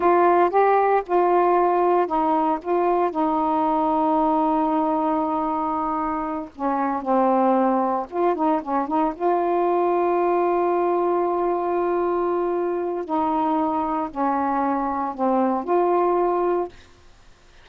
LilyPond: \new Staff \with { instrumentName = "saxophone" } { \time 4/4 \tempo 4 = 115 f'4 g'4 f'2 | dis'4 f'4 dis'2~ | dis'1~ | dis'8 cis'4 c'2 f'8 |
dis'8 cis'8 dis'8 f'2~ f'8~ | f'1~ | f'4 dis'2 cis'4~ | cis'4 c'4 f'2 | }